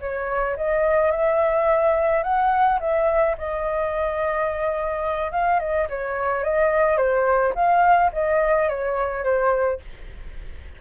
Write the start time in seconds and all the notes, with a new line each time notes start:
0.00 C#5
0.56 D#5
1.11 E5
2.23 F#5
2.80 E5
3.38 D#5
5.31 F5
5.59 D#5
5.89 C#5
6.44 D#5
6.97 C5
7.55 F5
8.13 D#5
8.69 C#5
9.24 C5